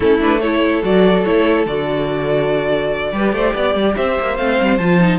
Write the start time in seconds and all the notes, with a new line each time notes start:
0.00 A3 C#4 E4 A4
0.19 D4 B4
0.40 E4 A4 C#5
0.82 F#3 F#4 D5
1.24 A3 E4 C#5
1.66 D3 F#4 D5
3.12 G3 G4 B4
3.32 A3 C5
3.54 B3 D5
3.74 G3
3.95 C4 C5 E5
4.19 A#3
4.37 A3 C4 F5
4.61 G3
4.77 F3 F4 A5
5.00 D#4